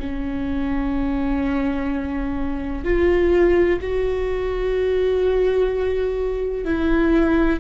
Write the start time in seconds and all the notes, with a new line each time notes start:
0.00 C#4
2.84 F4
3.81 F#4
6.65 E4